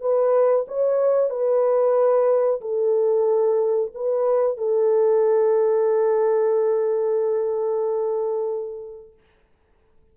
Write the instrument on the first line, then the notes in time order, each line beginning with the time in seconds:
horn
0.00 B4
0.68 C#5
1.30 B4
2.61 A4
3.94 B4
4.57 A4